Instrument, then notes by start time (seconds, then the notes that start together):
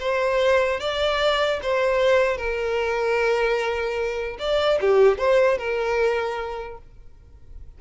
violin
0.00 C5
0.80 D5
1.62 C5
2.37 A#4
4.39 D5
4.80 G4
5.18 C5
5.58 A#4